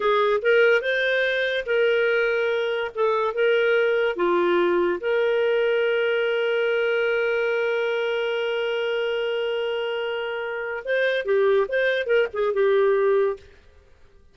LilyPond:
\new Staff \with { instrumentName = "clarinet" } { \time 4/4 \tempo 4 = 144 gis'4 ais'4 c''2 | ais'2. a'4 | ais'2 f'2 | ais'1~ |
ais'1~ | ais'1~ | ais'2 c''4 g'4 | c''4 ais'8 gis'8 g'2 | }